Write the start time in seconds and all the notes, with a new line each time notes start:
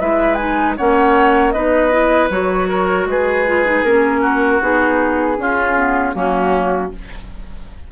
0.00 G#3 E4 B4 E5
0.35 D#4 G#5
0.77 A#3 C#4 C#5 F#5
1.52 B3 D#4 B4 D#5
1.91 E4
2.29 F#3 F#4 C#5
2.69 A#4
3.06 G#3 G#4 B4
3.46 F4
3.65 D#4
3.83 A#3 C#4 A#4
4.21 F#4
4.61 B3 D#4 G#4
5.37 C#4 F4
5.76 B3
6.13 F#3 A#3 C#4 F#4